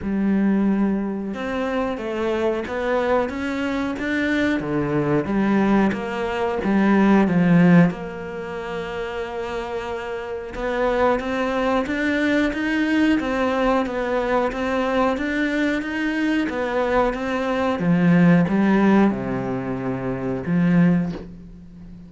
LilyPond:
\new Staff \with { instrumentName = "cello" } { \time 4/4 \tempo 4 = 91 g2 c'4 a4 | b4 cis'4 d'4 d4 | g4 ais4 g4 f4 | ais1 |
b4 c'4 d'4 dis'4 | c'4 b4 c'4 d'4 | dis'4 b4 c'4 f4 | g4 c2 f4 | }